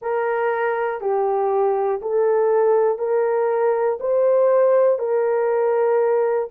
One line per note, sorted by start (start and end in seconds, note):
0.01 1.00 A#4
1.00 2.00 G4
2.01 2.98 A4
2.98 3.98 A#4
4.00 4.99 C5
4.99 6.49 A#4